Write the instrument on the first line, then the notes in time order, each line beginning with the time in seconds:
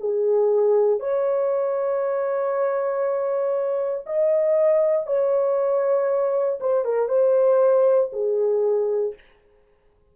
horn
0.00 G#4
1.00 C#5
4.06 D#5
5.07 C#5
6.61 C5
6.85 A#4
7.09 C5
8.13 G#4